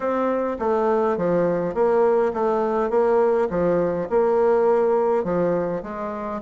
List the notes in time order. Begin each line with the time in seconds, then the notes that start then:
0.00 C4
0.59 A3
1.17 F3
1.74 A#3
2.33 A3
2.89 A#3
3.50 F3
4.09 A#3
5.24 F3
5.83 G#3